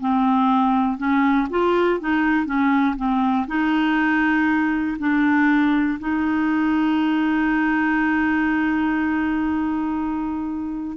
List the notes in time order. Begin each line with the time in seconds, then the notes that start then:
0.00 C4
0.98 C#4
1.50 F4
2.00 D#4
2.45 C#4
2.96 C4
3.47 D#4
4.98 D4
6.00 D#4